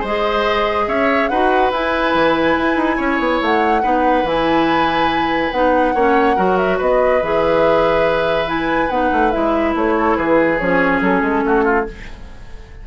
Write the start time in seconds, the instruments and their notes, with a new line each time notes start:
0.00 bassoon G#3, oboe C5, flute D#5
0.06 clarinet G#4
0.87 bassoon C#4, oboe C#5, flute E5
1.28 bassoon D#4, clarinet F#4, oboe B4, flute F#5
1.71 bassoon E4, clarinet E4, flute G#5
2.14 bassoon E3
2.57 bassoon E4
2.76 bassoon D#4
2.97 bassoon C#4, oboe C#5
3.19 bassoon B3
3.41 bassoon A3, flute F#5
3.82 bassoon B3, clarinet D#4, oboe B4
4.23 bassoon E3, clarinet E4, flute G#5
5.51 bassoon B3, clarinet D#4, flute F#5
5.94 bassoon A#3, clarinet C#4, oboe C#5
6.36 bassoon F#3, clarinet F#4, oboe A#4
6.57 flute E5
6.77 bassoon B3, oboe B4, flute D#5
7.22 bassoon E3, clarinet G#4, flute E5
8.46 clarinet E4, flute G#5
8.89 bassoon B3, clarinet D#4, flute F#5
9.12 bassoon A3
9.31 bassoon G#3, clarinet E4, flute E5
9.75 bassoon A3, flute C#5
9.98 oboe A4
10.17 bassoon E3, oboe G#4, flute B4
10.59 bassoon F3, clarinet C#4, flute C#5
11.01 bassoon F#3, flute A4
11.22 bassoon G#3
11.44 bassoon A3, oboe F#4
11.64 oboe F4